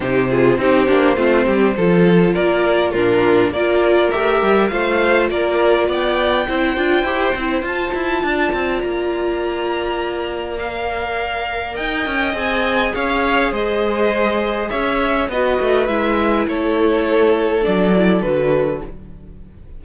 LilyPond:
<<
  \new Staff \with { instrumentName = "violin" } { \time 4/4 \tempo 4 = 102 c''1 | d''4 ais'4 d''4 e''4 | f''4 d''4 g''2~ | g''4 a''2 ais''4~ |
ais''2 f''2 | g''4 gis''4 f''4 dis''4~ | dis''4 e''4 dis''4 e''4 | cis''2 d''4 b'4 | }
  \new Staff \with { instrumentName = "violin" } { \time 4/4 g'8 gis'8 g'4 f'8 g'8 a'4 | ais'4 f'4 ais'2 | c''4 ais'4 d''4 c''4~ | c''2 d''2~ |
d''1 | dis''2 cis''4 c''4~ | c''4 cis''4 b'2 | a'1 | }
  \new Staff \with { instrumentName = "viola" } { \time 4/4 dis'8 f'8 dis'8 d'8 c'4 f'4~ | f'4 d'4 f'4 g'4 | f'2. e'8 f'8 | g'8 e'8 f'2.~ |
f'2 ais'2~ | ais'4 gis'2.~ | gis'2 fis'4 e'4~ | e'2 d'8 e'8 fis'4 | }
  \new Staff \with { instrumentName = "cello" } { \time 4/4 c4 c'8 ais8 a8 g8 f4 | ais4 ais,4 ais4 a8 g8 | a4 ais4 b4 c'8 d'8 | e'8 c'8 f'8 e'8 d'8 c'8 ais4~ |
ais1 | dis'8 cis'8 c'4 cis'4 gis4~ | gis4 cis'4 b8 a8 gis4 | a2 fis4 d4 | }
>>